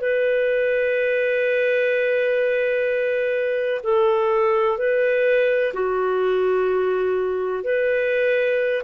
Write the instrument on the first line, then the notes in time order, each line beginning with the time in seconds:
clarinet
0.00 B4
3.83 A4
4.77 B4
5.73 F#4
7.64 B4